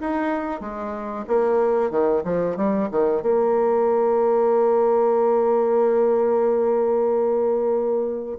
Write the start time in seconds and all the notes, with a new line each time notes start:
0.00 D#4
0.61 G#3
1.27 A#3
1.90 D#3
2.24 F3
2.57 G3
2.91 D#3
3.22 A#3